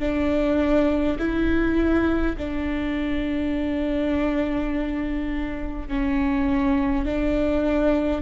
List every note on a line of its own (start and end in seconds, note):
0.00 1.18 D4
1.19 2.36 E4
2.37 5.88 D4
5.88 7.06 C#4
7.06 8.22 D4